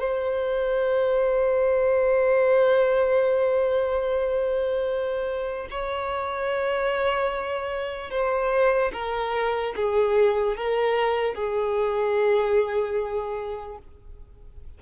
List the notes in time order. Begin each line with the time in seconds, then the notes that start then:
0.00 C5
5.71 C#5
8.11 C5
8.93 A#4
9.76 G#4
10.57 A#4
11.35 G#4